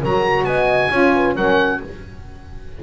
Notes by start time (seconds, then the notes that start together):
0.00 F#3 F#4 A#4 A#5
0.44 B3 D#5 G#5
0.91 C#4 F4 C#5
1.15 B4
1.36 F#3 C#4 A#4 F#5